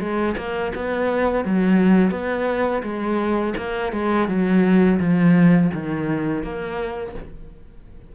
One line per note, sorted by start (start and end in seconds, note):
0.00 0.36 G#3
0.37 0.73 A#3
0.75 1.45 B3
1.45 2.11 F#3
2.11 2.82 B3
2.83 3.54 G#3
3.57 3.93 A#3
3.93 4.28 G#3
4.28 5.00 F#3
5.00 5.71 F3
5.74 6.43 D#3
6.43 7.15 A#3